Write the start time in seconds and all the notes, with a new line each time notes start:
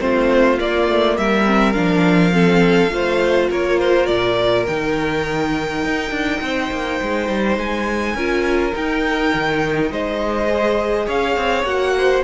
0.00 A3 C4 F4 C5
0.58 A#3 D5
0.89 A3
1.18 G3 A#4 E5
1.46 C4
1.73 F3 D4 F5
2.33 C4 A4
2.91 A3 F4 C5
3.50 A#3 A#4 C#5
3.79 C5
4.07 A#2 D5
4.67 D#3 D#4 G5
5.85 D#4
6.11 D4
6.42 C4 C5
6.72 A#3
7.02 G#3
7.29 G3
7.57 G#3 G#5
8.15 C#4 F4 A#4
8.73 D#4 G5
9.34 D#3
9.91 G#3 C5 D#5
10.50 G#4
11.07 C#4 C#5 F5
11.37 C4
11.64 A#3 F#4 F#5
11.98 C5